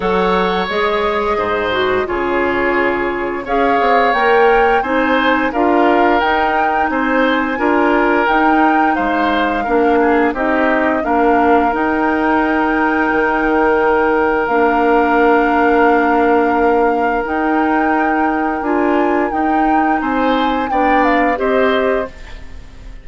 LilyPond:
<<
  \new Staff \with { instrumentName = "flute" } { \time 4/4 \tempo 4 = 87 fis''4 dis''2 cis''4~ | cis''4 f''4 g''4 gis''4 | f''4 g''4 gis''2 | g''4 f''2 dis''4 |
f''4 g''2.~ | g''4 f''2.~ | f''4 g''2 gis''4 | g''4 gis''4 g''8 f''8 dis''4 | }
  \new Staff \with { instrumentName = "oboe" } { \time 4/4 cis''2 c''4 gis'4~ | gis'4 cis''2 c''4 | ais'2 c''4 ais'4~ | ais'4 c''4 ais'8 gis'8 g'4 |
ais'1~ | ais'1~ | ais'1~ | ais'4 c''4 d''4 c''4 | }
  \new Staff \with { instrumentName = "clarinet" } { \time 4/4 a'4 gis'4. fis'8 f'4~ | f'4 gis'4 ais'4 dis'4 | f'4 dis'2 f'4 | dis'2 d'4 dis'4 |
d'4 dis'2.~ | dis'4 d'2.~ | d'4 dis'2 f'4 | dis'2 d'4 g'4 | }
  \new Staff \with { instrumentName = "bassoon" } { \time 4/4 fis4 gis4 gis,4 cis4~ | cis4 cis'8 c'8 ais4 c'4 | d'4 dis'4 c'4 d'4 | dis'4 gis4 ais4 c'4 |
ais4 dis'2 dis4~ | dis4 ais2.~ | ais4 dis'2 d'4 | dis'4 c'4 b4 c'4 | }
>>